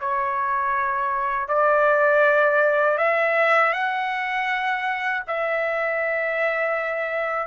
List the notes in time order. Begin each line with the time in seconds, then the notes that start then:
0.00 C#5
1.48 D5
2.98 E5
3.73 F#5
5.27 E5